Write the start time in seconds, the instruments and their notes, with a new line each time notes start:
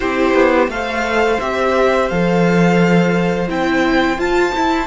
0.00 cello C4, viola E4, violin G4 C5
0.34 cello B3
0.67 cello A3, viola A4, violin C5 F5
1.39 cello C4, viola G4, violin E5
2.08 cello F3, viola A4, violin F5
3.47 cello C4, viola E4, violin G5
4.17 viola F4, cello F4, violin A5
4.53 viola E4, cello E4